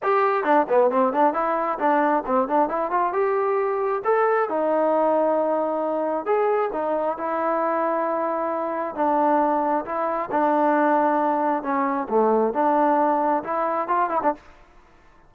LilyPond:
\new Staff \with { instrumentName = "trombone" } { \time 4/4 \tempo 4 = 134 g'4 d'8 b8 c'8 d'8 e'4 | d'4 c'8 d'8 e'8 f'8 g'4~ | g'4 a'4 dis'2~ | dis'2 gis'4 dis'4 |
e'1 | d'2 e'4 d'4~ | d'2 cis'4 a4 | d'2 e'4 f'8 e'16 d'16 | }